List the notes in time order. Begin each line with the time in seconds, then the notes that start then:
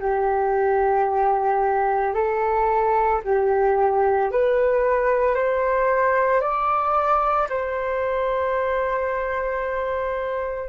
0.00 G4
2.14 A4
3.24 G4
4.31 B4
5.35 C5
6.41 D5
7.50 C5